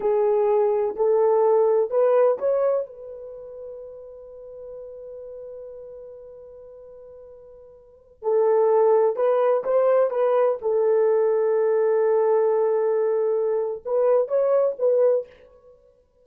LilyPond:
\new Staff \with { instrumentName = "horn" } { \time 4/4 \tempo 4 = 126 gis'2 a'2 | b'4 cis''4 b'2~ | b'1~ | b'1~ |
b'4~ b'16 a'2 b'8.~ | b'16 c''4 b'4 a'4.~ a'16~ | a'1~ | a'4 b'4 cis''4 b'4 | }